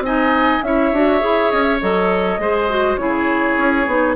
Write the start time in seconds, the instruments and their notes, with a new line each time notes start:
0.00 bassoon C4, clarinet D#4, oboe D#5, flute G#5
0.63 bassoon C#4, clarinet E4, oboe C#5, flute E5
0.92 bassoon D4, clarinet F#4
1.20 bassoon E4, clarinet G#4
1.52 bassoon C#4, flute D#5
1.63 flute E5
1.81 bassoon F#3, clarinet A4, flute D#5
2.38 bassoon G#3, clarinet G#4, oboe C5
2.69 clarinet F#4
2.97 bassoon C#3, clarinet E4, oboe G#4, flute C#5
3.57 bassoon C#4
3.87 bassoon B3, clarinet D#4